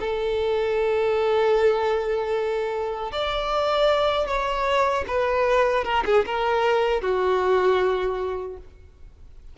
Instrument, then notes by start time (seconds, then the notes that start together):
violin
0.00 A4
3.12 D5
4.27 C#5
5.08 B4
5.84 A#4
6.06 G#4
6.26 A#4
7.02 F#4